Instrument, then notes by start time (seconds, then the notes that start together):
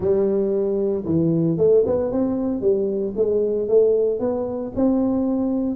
tuba
0.00 G3
1.05 E3
1.57 A3
1.85 B3
2.11 C4
2.61 G3
3.16 G#3
3.68 A3
4.19 B3
4.75 C4